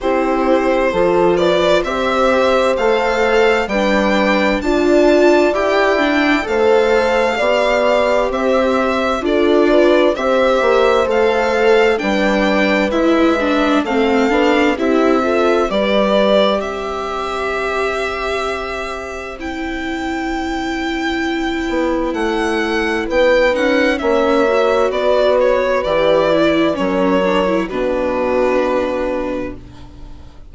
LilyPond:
<<
  \new Staff \with { instrumentName = "violin" } { \time 4/4 \tempo 4 = 65 c''4. d''8 e''4 f''4 | g''4 a''4 g''4 f''4~ | f''4 e''4 d''4 e''4 | f''4 g''4 e''4 f''4 |
e''4 d''4 e''2~ | e''4 g''2. | fis''4 g''8 fis''8 e''4 d''8 cis''8 | d''4 cis''4 b'2 | }
  \new Staff \with { instrumentName = "horn" } { \time 4/4 g'4 a'8 b'8 c''2 | b'4 d''2 c''4 | d''4 c''4 a'8 b'8 c''4~ | c''4 b'2 a'4 |
g'8 a'8 b'4 c''2~ | c''1~ | c''4 b'4 cis''4 b'4~ | b'4 ais'4 fis'2 | }
  \new Staff \with { instrumentName = "viola" } { \time 4/4 e'4 f'4 g'4 a'4 | d'4 f'4 g'8 d'8 a'4 | g'2 f'4 g'4 | a'4 d'4 e'8 d'8 c'8 d'8 |
e'8 f'8 g'2.~ | g'4 e'2.~ | e'4. dis'8 cis'8 fis'4. | g'8 e'8 cis'8 d'16 e'16 d'2 | }
  \new Staff \with { instrumentName = "bassoon" } { \time 4/4 c'4 f4 c'4 a4 | g4 d'4 e'4 a4 | b4 c'4 d'4 c'8 ais8 | a4 g4 gis4 a8 b8 |
c'4 g4 c'2~ | c'2.~ c'8 b8 | a4 b8 cis'8 ais4 b4 | e4 fis4 b,2 | }
>>